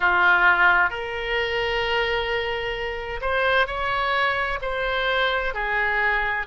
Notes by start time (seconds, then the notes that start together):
0.00 F4
0.89 A#4
3.21 C5
3.67 C#5
4.61 C5
5.54 G#4